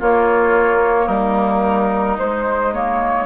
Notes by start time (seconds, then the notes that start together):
0.00 A#3 F4 C#5
1.06 G3 D#4 A#4
2.19 G#3 C5
2.74 A#3 C#5